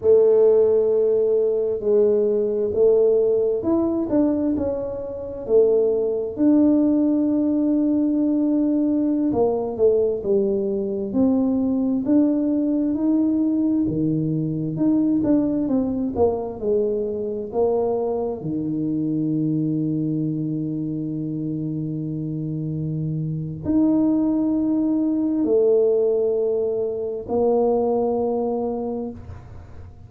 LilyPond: \new Staff \with { instrumentName = "tuba" } { \time 4/4 \tempo 4 = 66 a2 gis4 a4 | e'8 d'8 cis'4 a4 d'4~ | d'2~ d'16 ais8 a8 g8.~ | g16 c'4 d'4 dis'4 dis8.~ |
dis16 dis'8 d'8 c'8 ais8 gis4 ais8.~ | ais16 dis2.~ dis8.~ | dis2 dis'2 | a2 ais2 | }